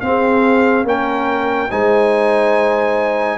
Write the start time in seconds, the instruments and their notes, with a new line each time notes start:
0.00 tuba C4, trombone C4, horn G#4, trumpet F5
0.83 tuba A#3, trombone C#4, horn A#4, trumpet G5
1.70 tuba G#3, trombone D#4, horn C5, trumpet G#5